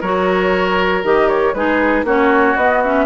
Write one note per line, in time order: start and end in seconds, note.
0.00 1.03 F#3
0.00 1.03 F#4
0.00 1.54 A#4
0.00 1.04 C#5
1.03 1.54 D#3
1.03 1.54 G4
1.03 1.27 D#5
1.27 1.53 C#5
1.53 2.03 G#3
1.53 2.06 D#4
1.53 2.05 G#4
1.53 2.04 B4
2.03 2.54 A#3
2.03 2.57 C#4
2.03 3.05 F#4
2.03 2.57 C#5
2.56 3.05 B3
2.56 2.84 B3
2.56 2.82 D#5
2.82 3.05 C#4
2.82 3.05 E5